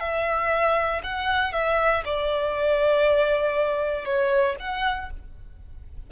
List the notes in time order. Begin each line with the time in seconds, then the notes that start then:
0.00 E5
1.04 F#5
1.53 E5
2.05 D5
4.05 C#5
4.59 F#5